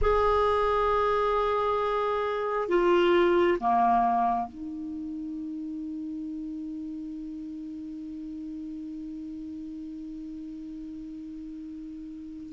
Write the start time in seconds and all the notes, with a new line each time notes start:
0.01 G#4
2.68 F4
3.60 A#3
4.48 D#4